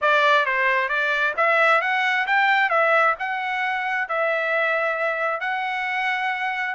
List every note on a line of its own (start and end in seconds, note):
0.01 0.45 D5
0.45 0.88 C5
0.88 1.33 D5
1.36 1.81 E5
1.81 2.26 F#5
2.26 2.69 G5
2.69 3.14 E5
3.19 4.08 F#5
4.08 5.40 E5
5.40 6.74 F#5